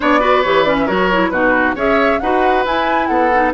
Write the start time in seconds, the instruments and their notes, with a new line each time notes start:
0.00 bassoon B3, clarinet D4, oboe C#5, flute D5
0.20 clarinet F#4, oboe B4
0.42 bassoon E3, clarinet G4, flute C#5
0.63 clarinet C#4, flute D5
0.79 oboe A#4, flute E5
0.87 bassoon F#3, clarinet F#4, flute C#5
1.12 clarinet E4
1.29 bassoon B2, clarinet D#4, oboe F#4, flute B4
1.75 bassoon C#4, clarinet G#4, oboe C#5, flute E5
2.19 bassoon D#4, clarinet F#4, oboe B4, flute F#5
2.65 bassoon E4, clarinet E4, flute G#5
3.06 bassoon B3, oboe A4, flute F#5
3.32 clarinet D#4